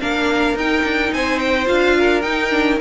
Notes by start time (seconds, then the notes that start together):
0.00 A#3 D4 A#4 F5
0.54 D#4 G5
0.83 D4
1.12 C4 C5 G#5
1.39 G5
1.65 D4 F4 F5
1.98 A#4
2.21 D#4 G5
2.50 D4